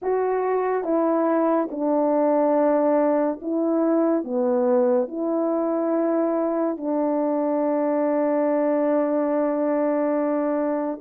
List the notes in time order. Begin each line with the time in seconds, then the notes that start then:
0.02 F#4
0.83 E4
1.70 D4
3.41 E4
4.23 B3
5.08 E4
6.77 D4